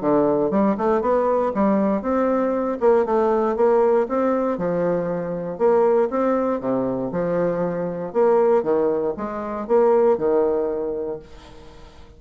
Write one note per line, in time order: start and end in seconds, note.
0.00 0.50 D3
0.50 0.76 G3
0.77 1.01 A3
1.01 1.52 B3
1.54 2.02 G3
2.02 2.78 C4
2.80 3.05 A#3
3.05 3.56 A3
3.56 4.07 A#3
4.08 4.57 C4
4.57 5.58 F3
5.58 6.09 A#3
6.10 6.60 C4
6.60 7.11 C3
7.12 8.13 F3
8.13 8.63 A#3
8.63 9.13 D#3
9.17 9.67 G#3
9.67 10.17 A#3
10.17 11.19 D#3